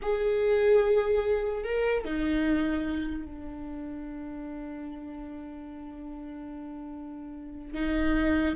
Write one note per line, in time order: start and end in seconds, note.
0.02 1.63 G#4
1.63 2.04 A#4
2.04 3.25 D#4
3.25 7.74 D4
7.74 8.55 D#4